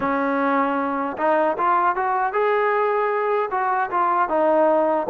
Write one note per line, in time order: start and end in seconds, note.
0.00 1.16 C#4
1.17 1.56 D#4
1.57 1.95 F4
1.95 2.32 F#4
2.32 3.49 G#4
3.51 3.90 F#4
3.90 4.29 F4
4.29 5.06 D#4